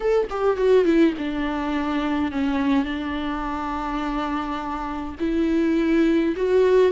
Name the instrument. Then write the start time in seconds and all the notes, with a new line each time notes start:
viola
0.00 A4
0.30 G4
0.56 F#4
0.84 E4
1.17 D4
2.31 C#4
2.85 D4
5.19 E4
6.36 F#4